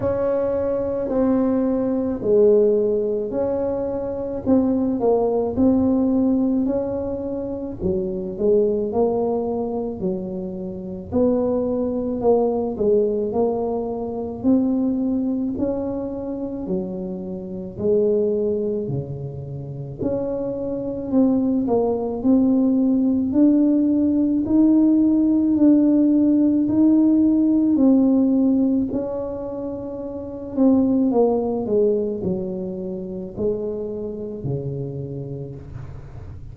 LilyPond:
\new Staff \with { instrumentName = "tuba" } { \time 4/4 \tempo 4 = 54 cis'4 c'4 gis4 cis'4 | c'8 ais8 c'4 cis'4 fis8 gis8 | ais4 fis4 b4 ais8 gis8 | ais4 c'4 cis'4 fis4 |
gis4 cis4 cis'4 c'8 ais8 | c'4 d'4 dis'4 d'4 | dis'4 c'4 cis'4. c'8 | ais8 gis8 fis4 gis4 cis4 | }